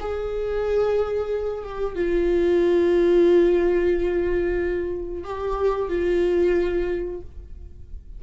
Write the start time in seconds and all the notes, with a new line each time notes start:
0.00 G#4
1.64 G4
1.95 F4
5.24 G4
5.89 F4